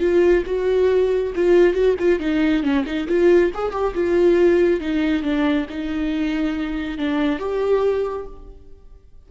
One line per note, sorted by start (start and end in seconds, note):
0.00 0.43 F4
0.46 1.33 F#4
1.35 1.74 F4
1.74 1.96 F#4
1.99 2.20 F4
2.20 2.63 D#4
2.63 2.85 C#4
2.86 3.08 D#4
3.08 3.52 F4
3.54 3.72 G#4
3.72 3.94 G4
3.94 4.80 F4
4.80 5.23 D#4
5.23 5.66 D4
5.70 6.98 D#4
6.98 7.39 D4
7.39 8.26 G4